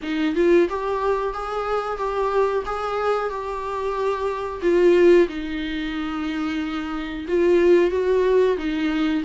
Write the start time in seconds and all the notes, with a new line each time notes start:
0.02 D#4
0.35 F4
0.69 G4
1.33 G#4
1.98 G4
2.65 G#4
3.29 G4
4.62 F4
5.28 D#4
7.28 F4
7.91 F#4
8.57 D#4